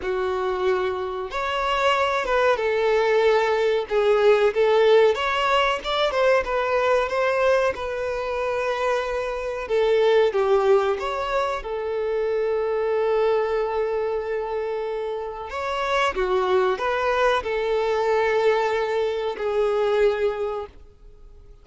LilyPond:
\new Staff \with { instrumentName = "violin" } { \time 4/4 \tempo 4 = 93 fis'2 cis''4. b'8 | a'2 gis'4 a'4 | cis''4 d''8 c''8 b'4 c''4 | b'2. a'4 |
g'4 cis''4 a'2~ | a'1 | cis''4 fis'4 b'4 a'4~ | a'2 gis'2 | }